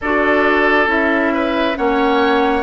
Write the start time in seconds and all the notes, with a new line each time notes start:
0.01 D4 F#4 A4 D5
0.86 C#4 E4 E5
1.33 B4
1.76 A#3 C#4 C#5 F#5